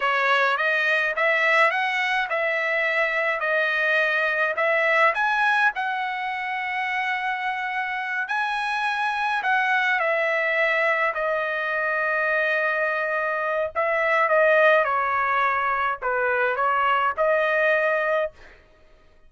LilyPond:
\new Staff \with { instrumentName = "trumpet" } { \time 4/4 \tempo 4 = 105 cis''4 dis''4 e''4 fis''4 | e''2 dis''2 | e''4 gis''4 fis''2~ | fis''2~ fis''8 gis''4.~ |
gis''8 fis''4 e''2 dis''8~ | dis''1 | e''4 dis''4 cis''2 | b'4 cis''4 dis''2 | }